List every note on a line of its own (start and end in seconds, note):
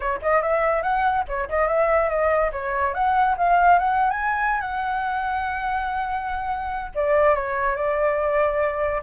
0.00 0.20 C#5
0.21 0.42 D#5
0.42 0.82 E5
0.82 1.24 F#5
1.27 1.48 C#5
1.49 1.67 D#5
1.67 2.09 E5
2.09 2.51 D#5
2.52 2.94 C#5
2.94 3.35 F#5
3.37 3.79 F5
3.79 4.10 F#5
4.10 4.61 G#5
4.61 6.91 F#5
6.94 7.35 D5
7.35 7.75 C#5
7.75 9.01 D5